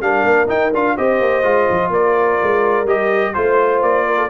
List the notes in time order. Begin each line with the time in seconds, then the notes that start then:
0.00 G3 D4 A#4 F5
0.23 A#3
0.47 D#4 G5
0.73 D4 F4 F5
0.96 C4 G4 C5 D#5
1.20 A#3
1.43 G#3 F4
1.70 F3
1.89 A#3 A#4 D5
2.42 G#3
2.83 G3 G4 D#5
3.33 A3 F4 C5
3.82 A#3 D5
4.06 A#4
4.16 A4